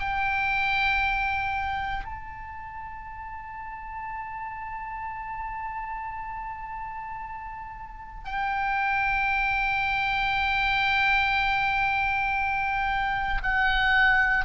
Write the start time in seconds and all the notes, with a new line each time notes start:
0.00 G5
2.05 A5
8.25 G5
13.43 F#5